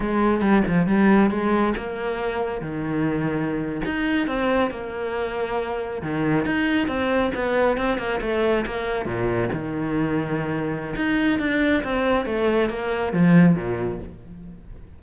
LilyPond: \new Staff \with { instrumentName = "cello" } { \time 4/4 \tempo 4 = 137 gis4 g8 f8 g4 gis4 | ais2 dis2~ | dis8. dis'4 c'4 ais4~ ais16~ | ais4.~ ais16 dis4 dis'4 c'16~ |
c'8. b4 c'8 ais8 a4 ais16~ | ais8. ais,4 dis2~ dis16~ | dis4 dis'4 d'4 c'4 | a4 ais4 f4 ais,4 | }